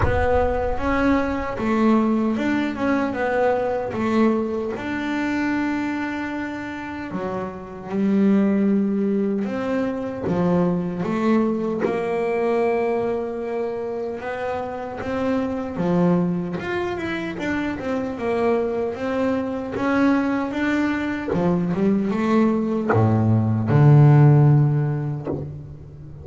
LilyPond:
\new Staff \with { instrumentName = "double bass" } { \time 4/4 \tempo 4 = 76 b4 cis'4 a4 d'8 cis'8 | b4 a4 d'2~ | d'4 fis4 g2 | c'4 f4 a4 ais4~ |
ais2 b4 c'4 | f4 f'8 e'8 d'8 c'8 ais4 | c'4 cis'4 d'4 f8 g8 | a4 a,4 d2 | }